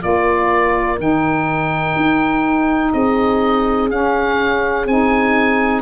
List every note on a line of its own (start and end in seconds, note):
0.00 0.99 A#3
0.00 0.97 F4
0.00 2.94 A#4
0.00 0.99 D5
0.99 1.96 D#3
0.99 3.90 D#4
0.99 2.93 G5
1.96 2.93 D#4
2.93 3.91 C4
2.93 5.82 G#4
2.93 3.90 D#5
3.90 4.86 C#4
3.90 4.87 F5
4.86 5.82 C4
4.86 5.82 D#4
4.86 5.82 G#5